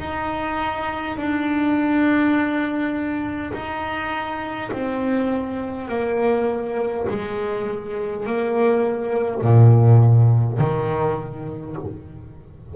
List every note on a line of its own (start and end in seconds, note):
0.00 1.18 D#4
1.18 3.53 D4
3.53 4.71 D#4
4.72 5.88 C4
5.88 7.06 A#3
7.09 8.27 G#3
8.27 9.42 A#3
9.42 10.59 A#2
10.59 11.76 D#3